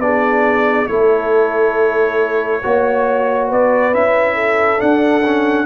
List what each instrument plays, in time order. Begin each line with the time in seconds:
0.00 tuba B3, trombone D4, horn G#4, trumpet D5
0.88 tuba A3, trombone E4, horn A4, trumpet C#5
2.63 tuba A#3, trombone F#4, horn C#5
3.48 tuba B3, horn B4, trumpet D5
3.94 tuba C#4, trombone E4, trumpet E5
4.35 horn A4
4.78 trombone D4, tuba D4, trumpet F#5
5.26 trombone C#4